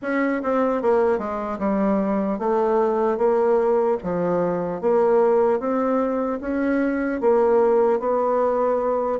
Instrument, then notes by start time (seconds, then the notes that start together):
bassoon
0.01 C#4
0.43 C4
0.81 A#3
1.18 G#3
1.58 G3
2.38 A3
3.17 A#3
4.03 F3
4.81 A#3
5.59 C4
6.40 C#4
7.20 A#3
7.99 B3